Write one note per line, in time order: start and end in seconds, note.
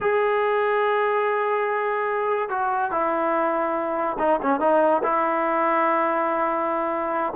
0.01 2.49 G#4
2.49 2.91 F#4
2.91 4.17 E4
4.18 4.39 D#4
4.42 4.60 C#4
4.60 5.02 D#4
5.03 7.33 E4